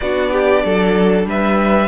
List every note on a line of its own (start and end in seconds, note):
0.00 0.64 B3
0.00 1.88 D4
0.00 0.31 F#4
0.00 1.25 D5
0.31 0.63 G4
0.64 1.25 F#3
0.64 1.28 A4
1.25 1.88 G3
1.25 1.88 B4
1.25 1.88 E5